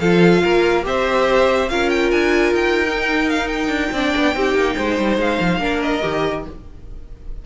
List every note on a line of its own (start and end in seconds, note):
0.00 0.43 F3
0.00 0.83 F4
0.00 0.43 A4
0.00 0.85 F5
0.43 0.86 A#3
0.43 0.86 A#4
0.83 1.71 C4
0.83 1.68 G4
0.83 1.71 C5
0.83 1.70 E5
1.70 2.12 C#4
1.70 2.87 F4
1.70 3.93 A#4
1.70 1.90 F5
1.90 2.11 G5
2.11 2.53 D4
2.11 2.54 G#5
2.53 3.69 D#4
2.53 3.30 G5
2.89 3.94 D#4
3.30 3.48 F5
3.48 5.17 G5
3.69 3.90 D4
3.92 4.13 C4
3.92 4.35 D4
3.92 4.36 D5
4.17 4.36 B3
4.35 4.55 C4
4.35 5.60 D#4
4.35 4.77 G4
4.55 4.76 A#3
4.77 4.99 G#3
4.77 5.61 C5
4.99 5.18 G3
5.18 5.39 G#3
5.18 5.82 F5
5.40 5.58 F3
5.58 6.00 A#3
5.58 6.02 D4
5.58 6.46 A#4
5.82 6.45 D#5
6.02 6.46 D#3
6.02 6.44 G4